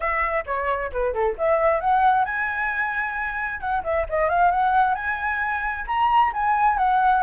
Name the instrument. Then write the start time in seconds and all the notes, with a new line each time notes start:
flute
0.00 E5
0.46 C#5
0.91 B4
1.13 A4
1.38 E5
1.80 F#5
2.25 G#5
3.60 F#5
3.83 E5
4.09 D#5
4.29 F5
4.51 F#5
4.94 G#5
5.87 A#5
6.33 G#5
6.77 F#5